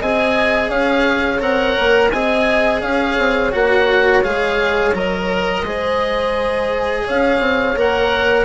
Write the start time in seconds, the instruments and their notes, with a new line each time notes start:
0.00 bassoon C4, cello G#4, horn D#5, oboe G#5
0.69 bassoon C#4, horn C#5, oboe F5
1.40 bassoon C4, cello A#4, oboe F#5
1.79 bassoon A#3
2.11 bassoon C4, cello G#4, horn D#5, oboe G#5
2.81 bassoon C#4, horn C#5, oboe F5
3.18 bassoon C4
3.52 bassoon A#3, cello F#4, oboe F#5
4.24 bassoon G#3, cello G#4, oboe F5
4.94 bassoon F#3, cello A#4, oboe D#5
5.63 bassoon G#3, cello G#4, horn C5
7.05 bassoon C#4, horn C#5, oboe F5
7.40 bassoon C4
7.77 bassoon A#3, cello A#4, oboe F#5